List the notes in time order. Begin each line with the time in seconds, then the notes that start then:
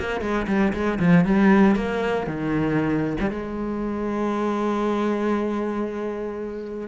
0.00 A#3
0.21 G#3
0.48 G3
0.73 G#3
0.99 F3
1.25 G3
1.76 A#3
2.27 D#3
3.20 G3
3.30 G#3